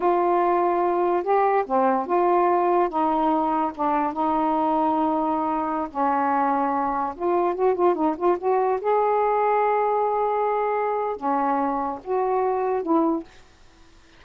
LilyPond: \new Staff \with { instrumentName = "saxophone" } { \time 4/4 \tempo 4 = 145 f'2. g'4 | c'4 f'2 dis'4~ | dis'4 d'4 dis'2~ | dis'2~ dis'16 cis'4.~ cis'16~ |
cis'4~ cis'16 f'4 fis'8 f'8 dis'8 f'16~ | f'16 fis'4 gis'2~ gis'8.~ | gis'2. cis'4~ | cis'4 fis'2 e'4 | }